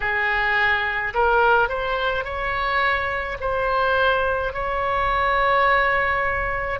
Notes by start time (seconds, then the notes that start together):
0.00 G#4
1.13 A#4
1.68 C5
2.24 C#5
3.40 C5
4.53 C#5